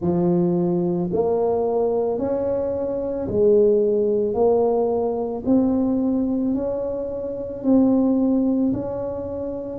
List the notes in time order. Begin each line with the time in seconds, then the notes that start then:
0.00 F3
1.12 A#3
2.18 C#4
3.28 G#3
4.33 A#3
5.45 C4
6.54 C#4
7.63 C4
8.73 C#4